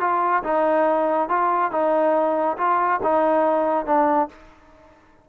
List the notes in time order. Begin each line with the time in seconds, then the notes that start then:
0.00 F4
0.43 D#4
1.29 F4
1.71 D#4
2.57 F4
3.03 D#4
3.86 D4